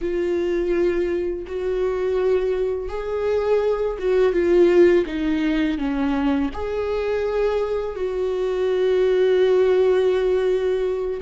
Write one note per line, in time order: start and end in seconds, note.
0.01 1.45 F4
1.47 2.88 F#4
2.88 3.97 G#4
3.98 4.32 F#4
4.32 5.04 F4
5.06 5.77 D#4
5.77 6.50 C#4
6.53 7.95 G#4
7.95 11.20 F#4